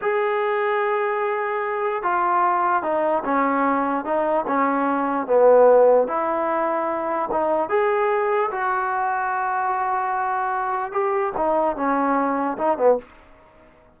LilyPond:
\new Staff \with { instrumentName = "trombone" } { \time 4/4 \tempo 4 = 148 gis'1~ | gis'4 f'2 dis'4 | cis'2 dis'4 cis'4~ | cis'4 b2 e'4~ |
e'2 dis'4 gis'4~ | gis'4 fis'2.~ | fis'2. g'4 | dis'4 cis'2 dis'8 b8 | }